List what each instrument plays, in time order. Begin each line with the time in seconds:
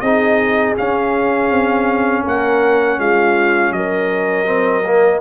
0.00 tuba C4, trombone D#4, horn G#4, trumpet D#5
0.78 trombone C#4, tuba C#4, trumpet F5
1.51 tuba C4
2.23 tuba A#3, horn A#4, trumpet F#5
2.99 tuba G#3, horn F4, trumpet F5
3.72 tuba F#3, horn A#4, trumpet D#5
4.46 trombone C4
4.85 trombone A#3